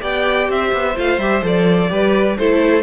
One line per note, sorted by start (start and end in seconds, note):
0.00 0.48 B3
0.00 0.94 G4
0.00 0.48 D5
0.00 0.50 G5
0.48 0.72 C4
0.48 1.90 C5
0.48 0.98 E5
0.72 0.96 B3
0.96 1.17 A3
0.96 1.19 F4
0.96 1.19 F5
1.17 1.41 G3
1.17 1.41 G4
1.17 1.43 E5
1.41 1.89 F3
1.41 1.88 A4
1.41 2.37 D5
1.88 2.37 G3
1.88 2.36 G4
1.88 2.38 B4
2.37 2.82 A3
2.37 2.82 E4
2.37 2.82 A4
2.37 2.82 C5